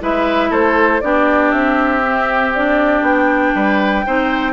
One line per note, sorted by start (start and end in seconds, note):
0.00 0.50 G#3
0.00 1.01 E4
0.00 0.50 B4
0.00 0.52 E5
0.50 1.00 A3
0.50 1.00 A4
0.50 1.01 C5
1.01 1.52 B3
1.01 2.03 D4
1.01 3.55 G4
1.01 1.51 D5
1.51 3.01 C4
1.51 2.52 E5
2.04 2.54 C4
2.54 4.06 D4
2.54 3.04 D5
3.01 3.52 B3
3.01 4.52 G5
3.54 4.05 G3
3.54 4.05 B4
4.06 4.52 C4
4.06 4.52 D#4
4.06 4.52 C5